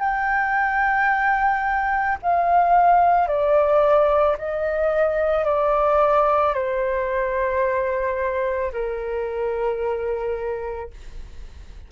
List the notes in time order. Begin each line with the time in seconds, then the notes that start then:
0.00 G5
2.22 F5
3.28 D5
4.38 D#5
5.45 D5
6.54 C5
8.72 A#4